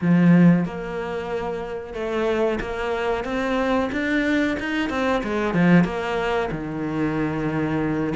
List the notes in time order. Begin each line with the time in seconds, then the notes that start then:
0.01 F3
0.65 A#3
1.94 A3
2.60 A#3
3.24 C4
3.92 D4
4.59 D#4
4.89 C4
5.23 G#3
5.53 F3
5.84 A#3
6.51 D#3